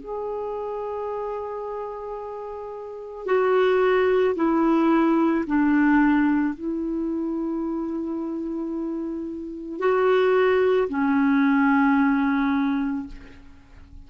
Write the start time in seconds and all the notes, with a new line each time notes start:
0.00 G#4
3.26 F#4
4.36 E4
5.47 D4
6.55 E4
9.79 F#4
10.89 C#4